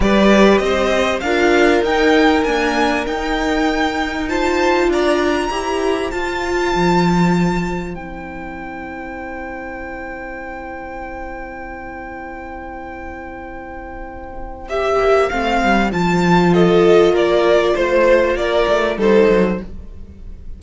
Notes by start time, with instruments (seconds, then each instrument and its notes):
0.00 cello G3, viola G4, violin B4 D5
0.58 cello C4, violin D#5
0.64 violin C5
1.20 cello D4, viola F4, violin A#4 F5
1.81 cello D#4, viola D#4, violin G5
2.43 viola A#3, cello D4, violin G#5
3.06 viola D#4, cello D#4, violin G5
4.28 viola F4, violin C5 A5
4.88 cello D4, violin D5 A#5
5.51 cello E4, viola G4, violin C5
6.10 viola F4, cello F4, violin A5
6.75 cello F3
7.94 cello C4, viola E4, violin G5
14.69 viola G4, violin E5
14.99 cello A#3
15.29 cello A3, viola C4, violin F5
15.62 cello G3
15.91 cello F3, viola F4, violin A5
16.53 violin A4 D#5
17.12 cello A#3, violin A#4 D5
17.74 cello A3, violin C5
18.34 cello A#3, violin A#4 D5
18.68 cello A3
18.96 cello G3, viola D#4, violin A4 C5
19.29 cello F#3